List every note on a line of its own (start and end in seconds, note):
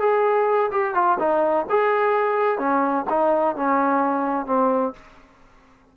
0.00 0.70 G#4
0.71 0.94 G4
0.94 1.18 F4
1.19 1.66 D#4
1.70 2.58 G#4
2.58 3.05 C#4
3.09 3.56 D#4
3.56 4.46 C#4
4.46 4.93 C4